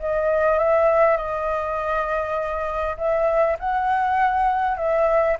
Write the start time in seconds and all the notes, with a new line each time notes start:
0.00 D#5
0.59 E5
1.17 D#5
2.98 E5
3.59 F#5
4.78 E5